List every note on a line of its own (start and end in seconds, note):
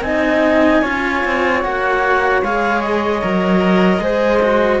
0.00 0.80 C4
0.00 0.83 D#4
0.00 0.81 D#5
0.00 1.61 G#5
0.81 1.24 C#4
0.81 1.62 F4
0.81 4.01 C#5
1.25 1.65 C4
1.62 2.42 A#3
1.62 2.42 F#4
1.62 2.43 F#5
2.42 3.22 G#3
2.42 3.21 G#4
2.42 2.81 F5
2.81 4.80 D#5
3.21 3.98 F#3
3.21 4.00 A#4
3.98 4.78 G#3
3.98 4.41 G#4
3.98 4.80 C5
4.42 4.80 F#4